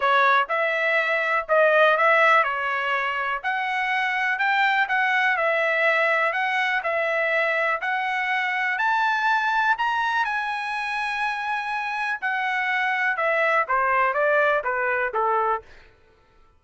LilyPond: \new Staff \with { instrumentName = "trumpet" } { \time 4/4 \tempo 4 = 123 cis''4 e''2 dis''4 | e''4 cis''2 fis''4~ | fis''4 g''4 fis''4 e''4~ | e''4 fis''4 e''2 |
fis''2 a''2 | ais''4 gis''2.~ | gis''4 fis''2 e''4 | c''4 d''4 b'4 a'4 | }